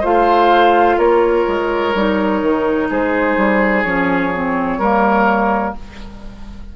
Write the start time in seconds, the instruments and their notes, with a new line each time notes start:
0.00 bassoon A3, clarinet F4, oboe C5, flute F5
0.97 bassoon A#3, oboe A#4, flute C#5
1.47 bassoon G#3
1.94 bassoon G3, clarinet D#4
2.41 bassoon D#3
2.89 bassoon G#3, oboe G#4, flute C5
3.36 bassoon G3
3.83 bassoon F3, clarinet C#4, flute C#5
4.33 clarinet C4
4.78 bassoon G3, clarinet A#3, oboe A#4